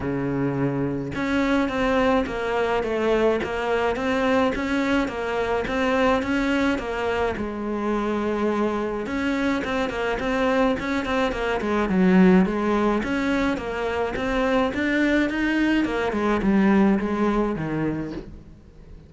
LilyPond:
\new Staff \with { instrumentName = "cello" } { \time 4/4 \tempo 4 = 106 cis2 cis'4 c'4 | ais4 a4 ais4 c'4 | cis'4 ais4 c'4 cis'4 | ais4 gis2. |
cis'4 c'8 ais8 c'4 cis'8 c'8 | ais8 gis8 fis4 gis4 cis'4 | ais4 c'4 d'4 dis'4 | ais8 gis8 g4 gis4 dis4 | }